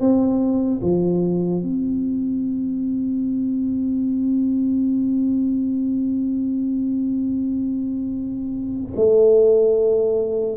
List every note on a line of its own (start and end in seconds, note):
0.00 0.81 C4
0.82 1.63 F3
1.63 8.93 C4
8.96 10.57 A3